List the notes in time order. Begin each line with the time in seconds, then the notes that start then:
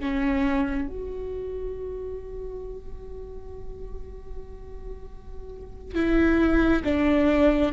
0.00 C#4
0.88 F#4
5.95 E4
6.85 D4